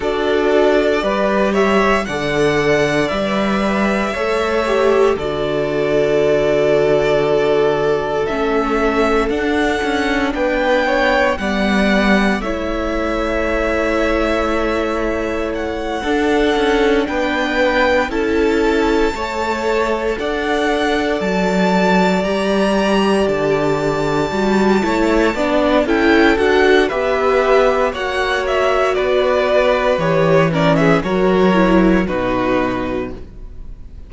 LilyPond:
<<
  \new Staff \with { instrumentName = "violin" } { \time 4/4 \tempo 4 = 58 d''4. e''8 fis''4 e''4~ | e''4 d''2. | e''4 fis''4 g''4 fis''4 | e''2. fis''4~ |
fis''8 g''4 a''2 fis''8~ | fis''8 a''4 ais''4 a''4.~ | a''4 g''8 fis''8 e''4 fis''8 e''8 | d''4 cis''8 d''16 e''16 cis''4 b'4 | }
  \new Staff \with { instrumentName = "violin" } { \time 4/4 a'4 b'8 cis''8 d''2 | cis''4 a'2.~ | a'2 b'8 cis''8 d''4 | cis''2.~ cis''8 a'8~ |
a'8 b'4 a'4 cis''4 d''8~ | d''1 | cis''8 d''8 a'4 b'4 cis''4 | b'4. ais'16 gis'16 ais'4 fis'4 | }
  \new Staff \with { instrumentName = "viola" } { \time 4/4 fis'4 g'4 a'4 b'4 | a'8 g'8 fis'2. | cis'4 d'2 b4 | e'2.~ e'8 d'8~ |
d'4. e'4 a'4.~ | a'4. g'2 fis'8 | e'8 d'8 e'8 fis'8 g'4 fis'4~ | fis'4 g'8 cis'8 fis'8 e'8 dis'4 | }
  \new Staff \with { instrumentName = "cello" } { \time 4/4 d'4 g4 d4 g4 | a4 d2. | a4 d'8 cis'8 b4 g4 | a2.~ a8 d'8 |
cis'8 b4 cis'4 a4 d'8~ | d'8 fis4 g4 d4 g8 | a8 b8 cis'8 d'8 b4 ais4 | b4 e4 fis4 b,4 | }
>>